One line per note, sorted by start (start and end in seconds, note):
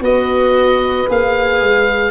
0.00 1.05 B3
0.00 1.06 F#4
0.00 2.10 B4
0.00 1.09 D#5
1.08 1.61 A#3
1.08 2.10 G#4
1.08 2.10 F5
1.61 2.10 G#3